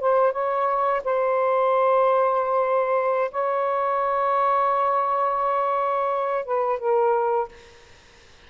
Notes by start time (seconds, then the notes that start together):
0.00 C5
0.32 C#5
1.04 C5
3.31 C#5
6.45 B4
6.79 A#4